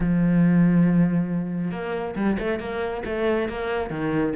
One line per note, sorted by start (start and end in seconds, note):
0.00 1.71 F3
1.71 2.14 A#3
2.16 2.37 G3
2.39 2.59 A3
2.59 3.03 A#3
3.05 3.48 A3
3.48 3.90 A#3
3.90 4.33 D#3